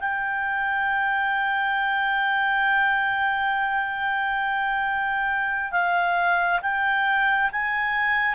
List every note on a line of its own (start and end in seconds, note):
0.00 5.72 G5
5.72 6.61 F5
6.63 7.51 G5
7.52 8.35 G#5